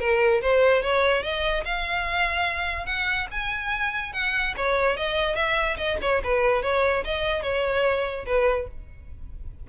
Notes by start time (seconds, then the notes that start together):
0.00 A#4
0.42 C5
0.83 C#5
1.23 D#5
1.65 F5
2.86 F#5
3.32 G#5
4.13 F#5
4.57 C#5
4.97 D#5
5.36 E5
5.77 D#5
6.02 C#5
6.24 B4
6.63 C#5
7.05 D#5
7.43 C#5
8.26 B4